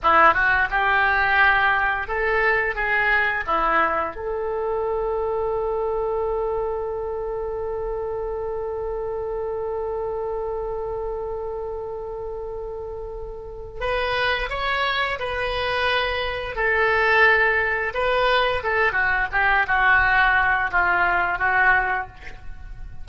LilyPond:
\new Staff \with { instrumentName = "oboe" } { \time 4/4 \tempo 4 = 87 e'8 fis'8 g'2 a'4 | gis'4 e'4 a'2~ | a'1~ | a'1~ |
a'1 | b'4 cis''4 b'2 | a'2 b'4 a'8 fis'8 | g'8 fis'4. f'4 fis'4 | }